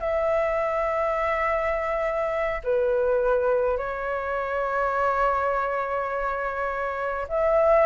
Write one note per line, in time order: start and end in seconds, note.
0.00 2.62 E5
2.64 3.78 B4
3.78 7.27 C#5
7.29 7.86 E5